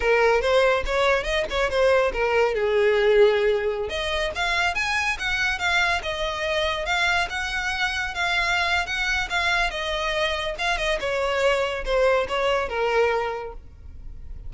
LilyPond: \new Staff \with { instrumentName = "violin" } { \time 4/4 \tempo 4 = 142 ais'4 c''4 cis''4 dis''8 cis''8 | c''4 ais'4 gis'2~ | gis'4~ gis'16 dis''4 f''4 gis''8.~ | gis''16 fis''4 f''4 dis''4.~ dis''16~ |
dis''16 f''4 fis''2 f''8.~ | f''4 fis''4 f''4 dis''4~ | dis''4 f''8 dis''8 cis''2 | c''4 cis''4 ais'2 | }